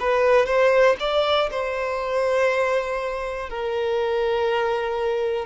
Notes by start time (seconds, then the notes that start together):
0.00 B4
0.46 C5
1.00 D5
1.51 C5
3.50 A#4